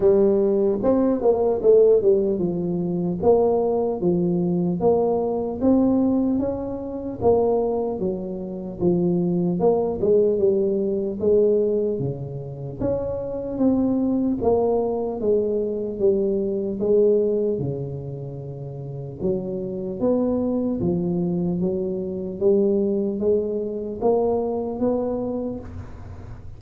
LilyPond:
\new Staff \with { instrumentName = "tuba" } { \time 4/4 \tempo 4 = 75 g4 c'8 ais8 a8 g8 f4 | ais4 f4 ais4 c'4 | cis'4 ais4 fis4 f4 | ais8 gis8 g4 gis4 cis4 |
cis'4 c'4 ais4 gis4 | g4 gis4 cis2 | fis4 b4 f4 fis4 | g4 gis4 ais4 b4 | }